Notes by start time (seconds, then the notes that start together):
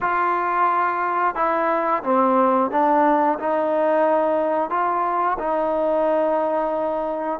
0.00 F4
1.35 E4
2.03 C4
2.71 D4
3.39 D#4
4.70 F4
5.38 D#4